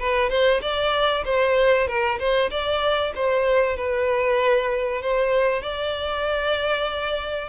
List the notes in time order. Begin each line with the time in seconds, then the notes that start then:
0.00 B4
0.30 C5
0.62 D5
1.25 C5
1.88 A#4
2.19 C5
2.51 D5
3.16 C5
3.77 B4
5.02 C5
5.63 D5